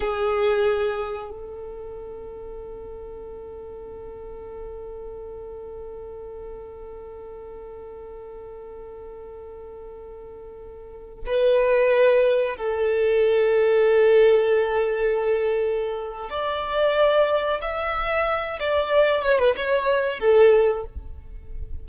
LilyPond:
\new Staff \with { instrumentName = "violin" } { \time 4/4 \tempo 4 = 92 gis'2 a'2~ | a'1~ | a'1~ | a'1~ |
a'4~ a'16 b'2 a'8.~ | a'1~ | a'4 d''2 e''4~ | e''8 d''4 cis''16 b'16 cis''4 a'4 | }